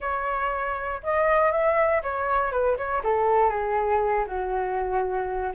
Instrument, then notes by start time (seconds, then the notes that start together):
flute
0.00 C#5
1.03 D#5
1.51 E5
2.02 C#5
2.51 B4
2.77 C#5
3.03 A4
3.49 G#4
4.27 F#4